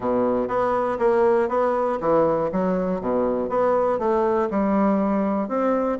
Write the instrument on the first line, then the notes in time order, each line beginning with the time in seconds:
bassoon
0.00 B2
0.48 B3
0.99 A#3
1.48 B3
2.00 E3
2.52 F#3
3.00 B2
3.49 B3
3.99 A3
4.50 G3
5.48 C4